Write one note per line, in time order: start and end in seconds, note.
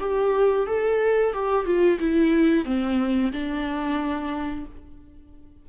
0.00 0.67 G4
0.67 1.33 A4
1.33 1.65 G4
1.65 1.99 F4
2.00 2.65 E4
2.65 3.32 C4
3.32 4.66 D4